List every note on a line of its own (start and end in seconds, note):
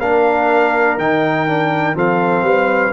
0.00 0.98 A#3
0.00 1.00 D4
0.00 1.97 A#4
0.00 0.99 F5
0.98 1.95 D#3
0.98 1.48 D#4
0.98 1.97 G5
1.48 1.94 D4
1.94 2.43 F3
1.94 2.93 C4
1.94 2.45 A4
1.94 2.93 F5
2.43 2.92 G3
2.43 2.93 B4